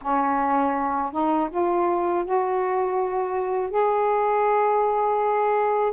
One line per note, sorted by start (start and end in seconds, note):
0.01 1.12 C#4
1.12 1.49 D#4
1.50 2.24 F4
2.24 3.70 F#4
3.70 5.92 G#4